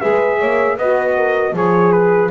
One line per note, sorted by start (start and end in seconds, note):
0.00 0.42 G#3
0.00 0.77 G#4
0.00 0.38 B4
0.00 0.77 E5
0.38 0.77 A#3
0.38 0.77 C#5
0.77 1.52 B3
0.77 1.52 F#4
0.77 1.16 B4
0.77 1.55 D#5
1.16 1.55 A#4
1.52 2.29 F3
1.52 2.29 G#4
1.52 2.31 G#4
1.52 1.92 C#5
1.92 2.30 B4